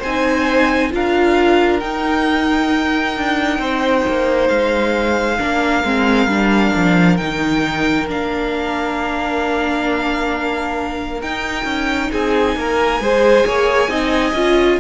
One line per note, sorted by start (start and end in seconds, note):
0.00 0.93 C4
0.00 0.90 C5
0.00 0.93 G#5
0.06 0.92 D#4
0.92 1.83 D4
0.92 1.81 F4
0.92 3.60 A#4
0.92 1.80 F5
1.80 3.17 D#4
1.80 5.39 D#4
1.80 4.49 G5
3.17 3.59 D4
3.59 4.03 C4
3.59 5.39 C5
4.08 4.49 A#3
4.49 5.39 G#3
4.49 7.17 F5
5.39 5.85 A#3
5.39 5.84 D4
5.39 12.10 A#4
5.85 6.27 G#3
5.85 6.29 C4
6.27 6.72 G3
6.27 7.19 D4
6.76 7.21 F3
7.17 8.10 D#3
7.17 8.09 D#4
7.17 8.07 G5
8.09 11.23 A#3
8.09 11.22 D4
8.09 11.22 F5
11.22 11.65 D#4
11.22 13.02 D#4
11.22 12.12 G5
11.65 12.10 C#4
12.12 12.56 C4
12.12 12.57 G#4
12.12 14.81 G#5
12.56 13.00 A#3
12.56 13.02 A#4
13.00 13.45 G#3
13.00 13.89 G#4
13.00 13.47 C5
13.47 13.88 A#3
13.47 13.90 C#5
13.88 14.33 C4
13.88 14.34 D#4
13.88 14.80 D#5
14.33 14.78 C#4
14.33 14.81 F4